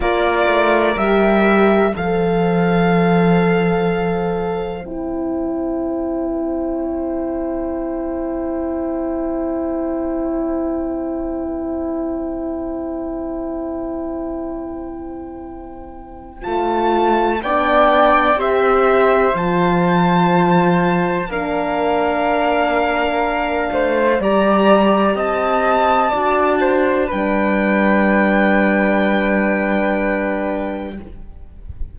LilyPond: <<
  \new Staff \with { instrumentName = "violin" } { \time 4/4 \tempo 4 = 62 d''4 e''4 f''2~ | f''4 g''2.~ | g''1~ | g''1~ |
g''4 a''4 g''4 e''4 | a''2 f''2~ | f''4 ais''4 a''2 | g''1 | }
  \new Staff \with { instrumentName = "flute" } { \time 4/4 ais'2 c''2~ | c''1~ | c''1~ | c''1~ |
c''2 d''4 c''4~ | c''2 ais'2~ | ais'8 c''8 d''4 dis''4 d''8 c''8 | b'1 | }
  \new Staff \with { instrumentName = "horn" } { \time 4/4 f'4 g'4 a'2~ | a'4 e'2.~ | e'1~ | e'1~ |
e'4 f'4 d'4 g'4 | f'2 d'2~ | d'4 g'2 fis'4 | d'1 | }
  \new Staff \with { instrumentName = "cello" } { \time 4/4 ais8 a8 g4 f2~ | f4 c'2.~ | c'1~ | c'1~ |
c'4 a4 b4 c'4 | f2 ais2~ | ais8 a8 g4 c'4 d'4 | g1 | }
>>